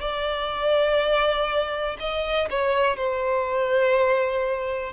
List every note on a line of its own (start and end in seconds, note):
0.00 1.97 D5
1.99 2.49 D#5
2.49 2.96 C#5
2.96 4.92 C5